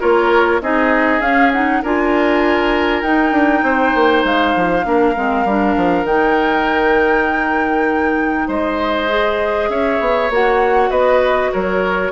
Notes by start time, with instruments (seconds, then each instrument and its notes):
0.00 bassoon A#3, clarinet F4, oboe A#4, flute C#5
0.61 bassoon C4, clarinet D#4, oboe G#4, flute D#5
1.20 bassoon C#4, clarinet C#4, flute F5
1.52 clarinet D#4, flute F#5
1.82 bassoon D4, clarinet F4, oboe A#4, flute G#5
3.02 bassoon D#4, clarinet D#4, flute G5
3.32 bassoon D4
3.62 bassoon C4, oboe C5
3.95 bassoon A#3
4.24 bassoon G#3, flute F5
4.55 bassoon F3
4.84 bassoon A#3, clarinet D4, oboe A#4
5.16 bassoon G#3, clarinet C4
5.45 bassoon G3, clarinet D4
5.76 bassoon F3
6.04 bassoon D#3, clarinet D#4, flute G5
8.47 bassoon G#3, oboe C5, flute D#5
9.09 clarinet G#4
9.69 bassoon C#4, oboe C#5, flute E5
10.00 bassoon B3
10.30 bassoon A#3, clarinet F#4, flute F#5
10.90 bassoon B3, oboe B4, flute D#5
11.53 bassoon F#3, oboe A#4, flute C#5